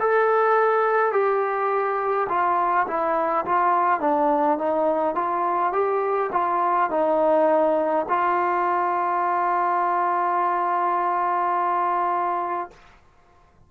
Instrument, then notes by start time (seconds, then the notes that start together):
trombone
0.00 A4
1.13 G4
2.30 F4
2.88 E4
3.46 F4
4.01 D4
4.59 D#4
5.16 F4
5.73 G4
6.33 F4
6.91 D#4
8.09 F4